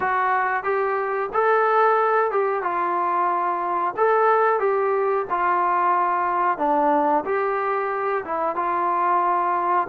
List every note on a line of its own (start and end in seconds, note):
0.00 0.63 F#4
0.63 1.29 G4
1.33 2.31 A4
2.31 2.62 G4
2.62 3.94 F4
3.97 4.59 A4
4.59 5.25 G4
5.30 6.58 F4
6.58 7.23 D4
7.25 8.24 G4
8.24 8.55 E4
8.55 9.87 F4